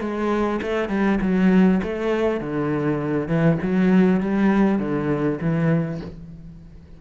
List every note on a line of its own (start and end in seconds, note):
0.00 0.60 G#3
0.62 0.88 A3
0.88 1.18 G3
1.21 1.81 F#3
1.82 2.40 A3
2.40 3.28 D3
3.28 3.58 E3
3.62 4.20 F#3
4.20 4.78 G3
4.78 5.38 D3
5.40 6.00 E3